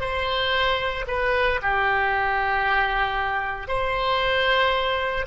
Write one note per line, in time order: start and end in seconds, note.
0.00 1.05 C5
1.07 1.60 B4
1.62 3.67 G4
3.67 5.25 C5